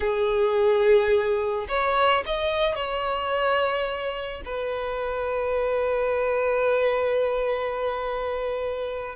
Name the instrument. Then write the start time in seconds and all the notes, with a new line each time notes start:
violin
0.00 G#4
1.68 C#5
2.26 D#5
2.75 C#5
4.45 B4